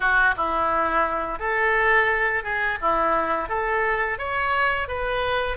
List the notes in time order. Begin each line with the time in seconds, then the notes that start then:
0.00 F#4
0.36 E4
1.39 A4
2.43 G#4
2.81 E4
3.49 A4
4.18 C#5
4.88 B4